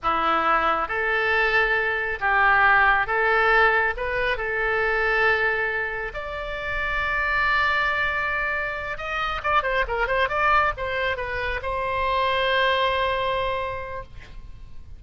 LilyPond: \new Staff \with { instrumentName = "oboe" } { \time 4/4 \tempo 4 = 137 e'2 a'2~ | a'4 g'2 a'4~ | a'4 b'4 a'2~ | a'2 d''2~ |
d''1~ | d''8 dis''4 d''8 c''8 ais'8 c''8 d''8~ | d''8 c''4 b'4 c''4.~ | c''1 | }